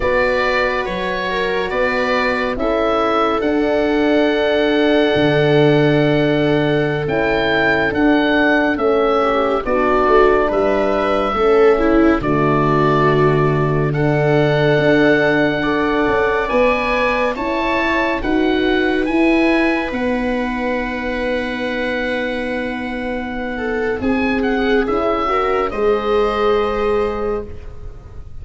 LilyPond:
<<
  \new Staff \with { instrumentName = "oboe" } { \time 4/4 \tempo 4 = 70 d''4 cis''4 d''4 e''4 | fis''1~ | fis''16 g''4 fis''4 e''4 d''8.~ | d''16 e''2 d''4.~ d''16~ |
d''16 fis''2. gis''8.~ | gis''16 a''4 fis''4 gis''4 fis''8.~ | fis''1 | gis''8 fis''8 e''4 dis''2 | }
  \new Staff \with { instrumentName = "viola" } { \time 4/4 b'4. ais'8 b'4 a'4~ | a'1~ | a'2~ a'8. g'8 fis'8.~ | fis'16 b'4 a'8 e'8 fis'4.~ fis'16~ |
fis'16 a'2 d''4.~ d''16~ | d''16 cis''4 b'2~ b'8.~ | b'2.~ b'8 a'8 | gis'4. ais'8 c''2 | }
  \new Staff \with { instrumentName = "horn" } { \time 4/4 fis'2. e'4 | d'1~ | d'16 e'4 d'4 cis'4 d'8.~ | d'4~ d'16 cis'4 a4.~ a16~ |
a16 d'2 a'4 b'8.~ | b'16 e'4 fis'4 e'4 dis'8.~ | dis'1~ | dis'4 e'8 fis'8 gis'2 | }
  \new Staff \with { instrumentName = "tuba" } { \time 4/4 b4 fis4 b4 cis'4 | d'2 d2~ | d16 cis'4 d'4 a4 b8 a16~ | a16 g4 a4 d4.~ d16~ |
d4~ d16 d'4. cis'8 b8.~ | b16 cis'4 dis'4 e'4 b8.~ | b1 | c'4 cis'4 gis2 | }
>>